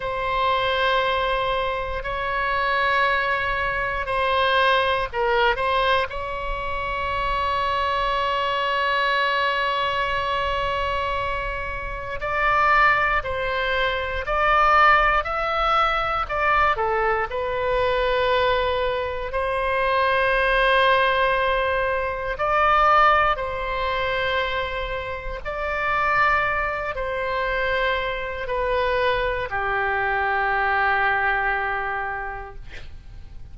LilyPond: \new Staff \with { instrumentName = "oboe" } { \time 4/4 \tempo 4 = 59 c''2 cis''2 | c''4 ais'8 c''8 cis''2~ | cis''1 | d''4 c''4 d''4 e''4 |
d''8 a'8 b'2 c''4~ | c''2 d''4 c''4~ | c''4 d''4. c''4. | b'4 g'2. | }